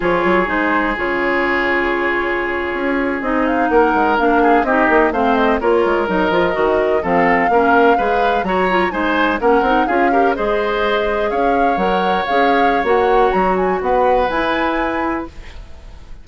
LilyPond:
<<
  \new Staff \with { instrumentName = "flute" } { \time 4/4 \tempo 4 = 126 cis''4 c''4 cis''2~ | cis''2~ cis''8. dis''8 f''8 fis''16~ | fis''8. f''4 dis''4 f''8 dis''8 cis''16~ | cis''8. dis''2 f''4~ f''16~ |
f''4.~ f''16 ais''4 gis''4 fis''16~ | fis''8. f''4 dis''2 f''16~ | f''8. fis''4 f''4~ f''16 fis''4 | ais''8 gis''8 fis''4 gis''2 | }
  \new Staff \with { instrumentName = "oboe" } { \time 4/4 gis'1~ | gis'2.~ gis'8. ais'16~ | ais'4~ ais'16 gis'8 g'4 c''4 ais'16~ | ais'2~ ais'8. a'4 ais'16~ |
ais'8. b'4 cis''4 c''4 ais'16~ | ais'8. gis'8 ais'8 c''2 cis''16~ | cis''1~ | cis''4 b'2. | }
  \new Staff \with { instrumentName = "clarinet" } { \time 4/4 f'4 dis'4 f'2~ | f'2~ f'8. dis'4~ dis'16~ | dis'8. d'4 dis'4 c'4 f'16~ | f'8. dis'8 f'8 fis'4 c'4 cis'16~ |
cis'8. gis'4 fis'8 f'8 dis'4 cis'16~ | cis'16 dis'8 f'8 g'8 gis'2~ gis'16~ | gis'8. ais'4 gis'4~ gis'16 fis'4~ | fis'2 e'2 | }
  \new Staff \with { instrumentName = "bassoon" } { \time 4/4 f8 fis8 gis4 cis2~ | cis4.~ cis16 cis'4 c'4 ais16~ | ais16 gis8 ais4 c'8 ais8 a4 ais16~ | ais16 gis8 fis8 f8 dis4 f4 ais16~ |
ais8. gis4 fis4 gis4 ais16~ | ais16 c'8 cis'4 gis2 cis'16~ | cis'8. fis4 cis'4~ cis'16 ais4 | fis4 b4 e'2 | }
>>